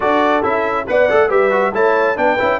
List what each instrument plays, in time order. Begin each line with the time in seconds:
0.00 tuba D4, trombone F#4, horn A4, trumpet D5
0.43 tuba C#4, trombone E4, trumpet E5
0.87 tuba B3, trombone B4, horn D5, trumpet F#5
1.09 tuba A3, trombone A4
1.28 tuba G3, trombone G4, horn B4, trumpet E5
1.50 trombone F#4
1.73 tuba A3, trombone E4, horn C#5, trumpet A5
2.15 tuba B3, trombone D4, horn B4, trumpet G5
2.39 tuba C#4, trombone E4